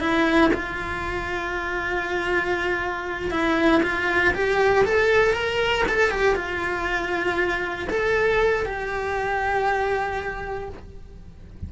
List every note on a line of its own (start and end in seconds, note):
0.00 0.51 E4
0.54 3.31 F4
3.31 3.82 E4
3.83 4.34 F4
4.34 4.85 G4
4.85 5.34 A4
5.34 5.85 A#4
5.88 6.11 A4
6.11 6.36 G4
6.36 7.88 F4
7.90 8.66 A4
8.66 10.69 G4